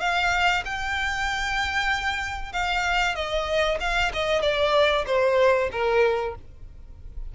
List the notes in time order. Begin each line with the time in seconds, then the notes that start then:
0.00 F5
0.65 G5
2.52 F5
3.15 D#5
3.80 F5
4.13 D#5
4.42 D5
5.06 C5
5.71 A#4